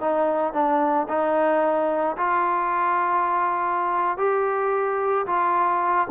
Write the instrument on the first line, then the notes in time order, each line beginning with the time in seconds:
trombone
0.00 D#4
0.53 D4
1.08 D#4
2.17 F4
4.17 G4
5.26 F4